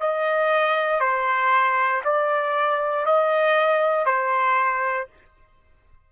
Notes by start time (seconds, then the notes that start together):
0.00 D#5
1.00 C5
2.04 D5
3.06 D#5
4.05 C5